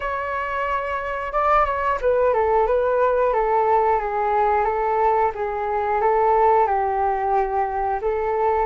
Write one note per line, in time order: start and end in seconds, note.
0.00 1.32 C#5
1.32 1.65 D5
1.65 1.98 C#5
2.01 2.33 B4
2.33 2.67 A4
2.67 3.33 B4
3.33 3.99 A4
3.99 4.65 G#4
4.65 5.31 A4
5.35 6.01 G#4
6.01 6.66 A4
6.66 8.00 G4
8.01 8.65 A4